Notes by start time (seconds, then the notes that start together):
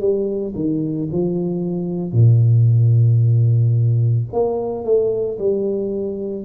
0.00 G3
0.55 D#3
1.12 F3
2.12 A#2
4.32 A#3
4.84 A3
5.38 G3